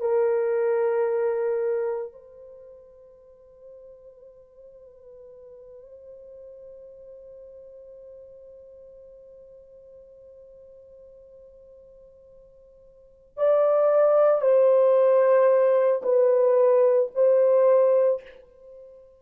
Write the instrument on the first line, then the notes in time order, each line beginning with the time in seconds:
horn
0.00 A#4
2.12 C5
13.37 D5
14.41 C5
16.03 B4
17.15 C5